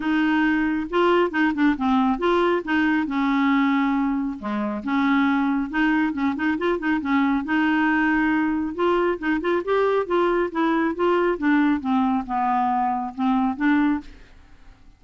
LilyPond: \new Staff \with { instrumentName = "clarinet" } { \time 4/4 \tempo 4 = 137 dis'2 f'4 dis'8 d'8 | c'4 f'4 dis'4 cis'4~ | cis'2 gis4 cis'4~ | cis'4 dis'4 cis'8 dis'8 f'8 dis'8 |
cis'4 dis'2. | f'4 dis'8 f'8 g'4 f'4 | e'4 f'4 d'4 c'4 | b2 c'4 d'4 | }